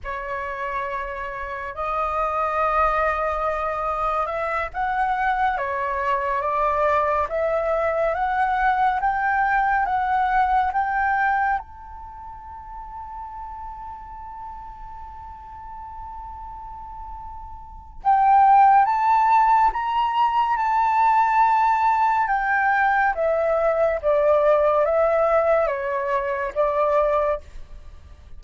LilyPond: \new Staff \with { instrumentName = "flute" } { \time 4/4 \tempo 4 = 70 cis''2 dis''2~ | dis''4 e''8 fis''4 cis''4 d''8~ | d''8 e''4 fis''4 g''4 fis''8~ | fis''8 g''4 a''2~ a''8~ |
a''1~ | a''4 g''4 a''4 ais''4 | a''2 g''4 e''4 | d''4 e''4 cis''4 d''4 | }